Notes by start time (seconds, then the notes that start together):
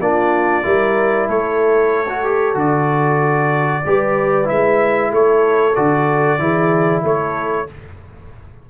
0.00 A#3 D4 F4 D5
0.63 G3 E4 A#4
1.28 A3 A4 C#5
2.09 F#4
2.24 G4
2.55 D3 F#4 D5
3.86 G3 G4 B4
4.45 G#3 E4 E5
5.12 A3 A4 C#5
5.76 D3 F#4 D5
6.39 E3 E4 G#4
7.03 A3 A4 C#5